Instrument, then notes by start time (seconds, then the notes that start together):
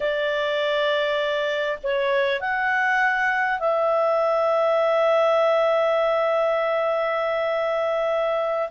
clarinet
0.00 D5
1.83 C#5
2.40 F#5
3.59 E5